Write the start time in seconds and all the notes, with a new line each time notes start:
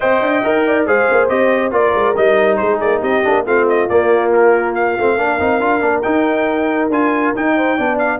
0.00 C4 C5 D#5 G5
0.21 D4
0.43 D#4 A#4
0.66 D5
0.86 G#3 G#4 C5 F5
1.11 A#3
1.28 C4 G4 D#5
1.71 A#3 F4 A#4 D5
1.94 G#3
2.16 G3 D#4 D#5
2.56 G#3 G#4 C5
2.80 A#3 D5
2.99 C4 G4 D#5
3.23 A#3 D4
3.45 A3 C4 F4 F5
3.68 D#5
3.88 A#3 D5
4.33 A#4
4.74 F5
4.98 A3 C4
5.17 A#3 D4 A#4
5.39 C4 D#4
5.60 D4 F4
5.80 A#3 D4
6.02 D#4 G5
6.89 D4 F4 G#5
7.35 D#4 G5
7.55 C5
7.77 B3 D4 D5
7.98 F5